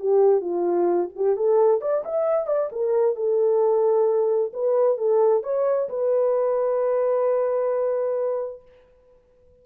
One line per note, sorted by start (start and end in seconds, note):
0.00 0.41 G4
0.41 1.09 F4
1.16 1.37 G4
1.37 1.81 A4
1.81 2.04 D5
2.05 2.47 E5
2.47 2.70 D5
2.72 3.16 A#4
3.16 4.52 A4
4.54 4.98 B4
4.98 5.43 A4
5.44 5.89 C#5
5.89 8.62 B4